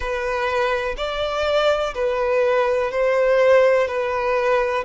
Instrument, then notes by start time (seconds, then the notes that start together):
violin
0.00 B4
0.97 D5
1.94 B4
2.91 C5
3.87 B4